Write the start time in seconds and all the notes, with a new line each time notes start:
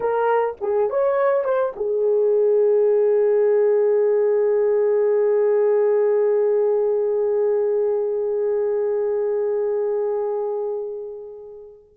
0.00 A#4
0.60 G#4
0.89 C#5
1.44 C5
1.76 G#4